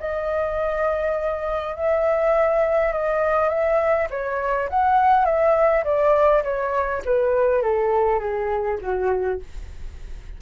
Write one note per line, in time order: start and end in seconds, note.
0.00 1.76 D#5
1.76 2.93 E5
2.93 3.49 D#5
3.49 4.08 E5
4.10 4.69 C#5
4.70 5.25 F#5
5.25 5.84 E5
5.84 6.43 D5
6.44 7.02 C#5
7.05 7.63 B4
7.63 8.20 A4
8.20 8.78 G#4
8.81 9.40 F#4